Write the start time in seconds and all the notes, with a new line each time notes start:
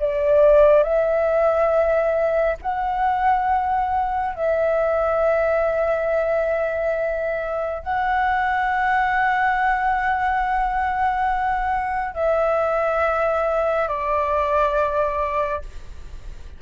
0.00 D5
0.83 E5
2.62 F#5
4.36 E5
7.83 F#5
12.15 E5
13.88 D5